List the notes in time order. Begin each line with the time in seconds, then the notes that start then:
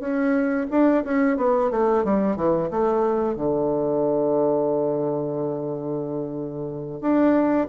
0.00 C#4
0.71 D4
1.04 C#4
1.37 B3
1.71 A3
2.04 G3
2.36 E3
2.71 A3
3.36 D3
7.01 D4